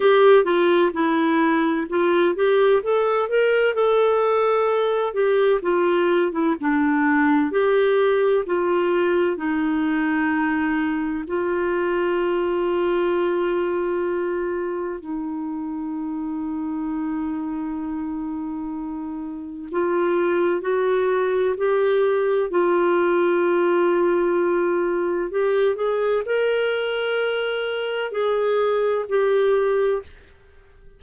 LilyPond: \new Staff \with { instrumentName = "clarinet" } { \time 4/4 \tempo 4 = 64 g'8 f'8 e'4 f'8 g'8 a'8 ais'8 | a'4. g'8 f'8. e'16 d'4 | g'4 f'4 dis'2 | f'1 |
dis'1~ | dis'4 f'4 fis'4 g'4 | f'2. g'8 gis'8 | ais'2 gis'4 g'4 | }